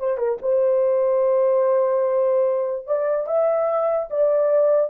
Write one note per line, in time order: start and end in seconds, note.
0.00 0.18 C5
0.18 0.38 A#4
0.42 2.87 C5
2.87 3.27 D5
3.27 4.09 E5
4.11 4.91 D5